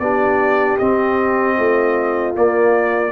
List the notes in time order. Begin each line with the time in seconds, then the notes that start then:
0.00 B3 D4 G4 D5
0.79 C4 D#5
1.57 A3 F4
2.35 A#3 D5